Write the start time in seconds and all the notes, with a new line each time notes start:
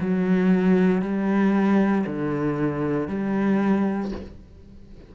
0.00 F#3
1.02 G3
2.06 D3
3.08 G3